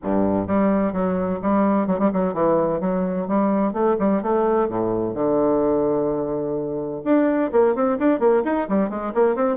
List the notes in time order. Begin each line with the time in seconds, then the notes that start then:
0.02 G2
0.47 G3
0.92 F#3
1.42 G3
1.87 F#3
1.99 G3
2.12 F#3
2.33 E3
2.80 F#3
3.27 G3
3.73 A3
3.99 G3
4.22 A3
4.69 A2
5.14 D3
7.04 D4
7.52 A#3
7.75 C4
7.98 D4
8.19 A#3
8.44 D#4
8.68 G3
8.89 G#3
9.14 A#3
9.35 C4